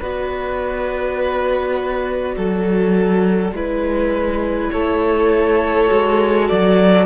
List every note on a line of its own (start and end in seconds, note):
0.00 2.37 B3
0.00 3.54 F#4
0.00 2.35 B4
0.00 4.71 D5
2.37 3.51 F#3
2.37 3.54 A4
3.51 4.69 G#3
3.51 5.87 E4
3.51 4.72 B4
4.71 5.90 A3
4.71 7.06 A4
4.71 6.47 C#5
5.87 6.50 G#3
5.87 7.05 F#4
6.48 7.06 F#3
6.48 7.06 D5